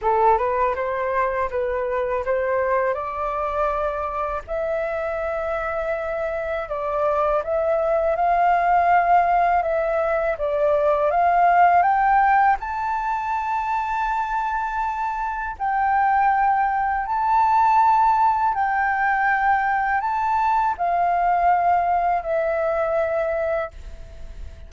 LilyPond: \new Staff \with { instrumentName = "flute" } { \time 4/4 \tempo 4 = 81 a'8 b'8 c''4 b'4 c''4 | d''2 e''2~ | e''4 d''4 e''4 f''4~ | f''4 e''4 d''4 f''4 |
g''4 a''2.~ | a''4 g''2 a''4~ | a''4 g''2 a''4 | f''2 e''2 | }